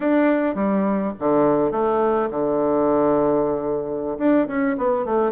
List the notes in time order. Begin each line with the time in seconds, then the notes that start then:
0.00 D4
0.55 G3
1.19 D3
1.71 A3
2.30 D3
4.18 D4
4.47 C#4
4.77 B3
5.05 A3